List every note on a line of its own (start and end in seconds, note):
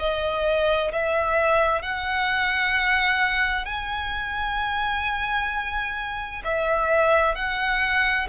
0.00 0.92 D#5
0.92 1.83 E5
1.83 3.66 F#5
3.66 6.43 G#5
6.45 7.36 E5
7.36 8.28 F#5